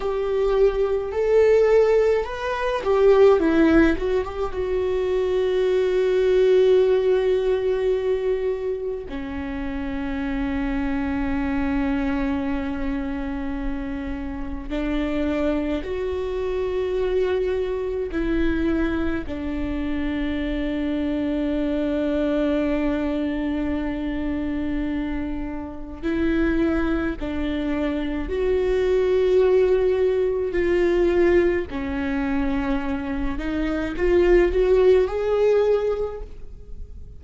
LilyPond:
\new Staff \with { instrumentName = "viola" } { \time 4/4 \tempo 4 = 53 g'4 a'4 b'8 g'8 e'8 fis'16 g'16 | fis'1 | cis'1~ | cis'4 d'4 fis'2 |
e'4 d'2.~ | d'2. e'4 | d'4 fis'2 f'4 | cis'4. dis'8 f'8 fis'8 gis'4 | }